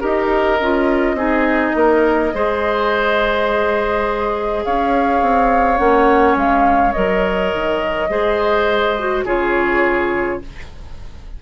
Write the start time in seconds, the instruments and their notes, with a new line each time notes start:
0.00 bassoon D#4, clarinet G4, oboe A#4, flute D#5
0.60 bassoon C#4, clarinet F4
1.13 bassoon C4, clarinet D#4, oboe G#4
1.75 bassoon A#3, oboe A#4
2.33 bassoon G#3, clarinet G#4, oboe C5
4.64 bassoon C#4, oboe C#5, flute F5
5.21 bassoon C4
5.77 bassoon A#3, clarinet C#4, flute F#5
6.35 bassoon G#3, flute F5
6.92 bassoon F#3, clarinet A#4, flute D#5
7.53 bassoon D#3
8.09 bassoon G#3, clarinet G#4, oboe C5
8.98 clarinet F#4
9.24 bassoon C#3, clarinet F4, oboe G#4, flute C#5